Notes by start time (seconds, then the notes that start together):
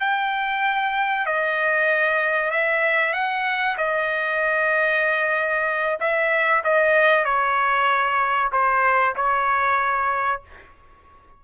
0.00 G5
1.26 D#5
2.51 E5
3.13 F#5
3.78 D#5
6.00 E5
6.64 D#5
7.25 C#5
8.52 C5
9.16 C#5